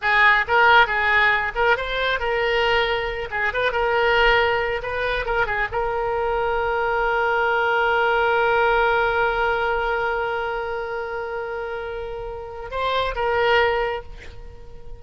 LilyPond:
\new Staff \with { instrumentName = "oboe" } { \time 4/4 \tempo 4 = 137 gis'4 ais'4 gis'4. ais'8 | c''4 ais'2~ ais'8 gis'8 | b'8 ais'2~ ais'8 b'4 | ais'8 gis'8 ais'2.~ |
ais'1~ | ais'1~ | ais'1~ | ais'4 c''4 ais'2 | }